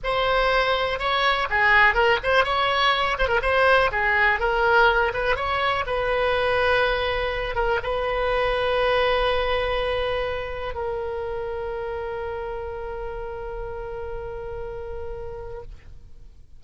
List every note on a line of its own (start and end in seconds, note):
0.03 0.99 C5
0.99 1.48 C#5
1.50 1.94 G#4
1.94 2.18 A#4
2.23 2.44 C5
2.44 3.17 C#5
3.18 3.28 C5
3.28 3.40 A#4
3.42 3.90 C5
3.91 4.39 G#4
4.39 5.12 A#4
5.13 5.35 B4
5.35 5.84 C#5
5.86 7.55 B4
7.55 7.79 A#4
7.82 10.74 B4
10.74 15.62 A#4